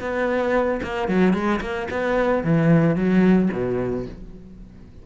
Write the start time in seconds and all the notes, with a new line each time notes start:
0.00 B3
0.83 A#3
1.08 F#3
1.33 G#3
1.61 A#3
1.90 B3
2.44 E3
2.95 F#3
3.52 B2